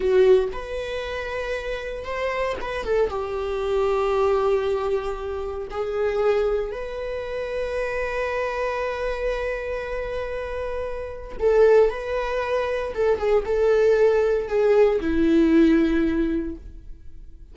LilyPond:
\new Staff \with { instrumentName = "viola" } { \time 4/4 \tempo 4 = 116 fis'4 b'2. | c''4 b'8 a'8 g'2~ | g'2. gis'4~ | gis'4 b'2.~ |
b'1~ | b'2 a'4 b'4~ | b'4 a'8 gis'8 a'2 | gis'4 e'2. | }